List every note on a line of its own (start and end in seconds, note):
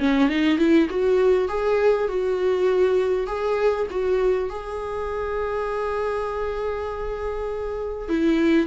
0.00 0.29 C#4
0.29 0.59 D#4
0.59 0.89 E4
0.90 1.49 F#4
1.49 2.09 G#4
2.09 3.27 F#4
3.27 3.87 G#4
3.91 4.50 F#4
4.50 8.09 G#4
8.09 8.67 E4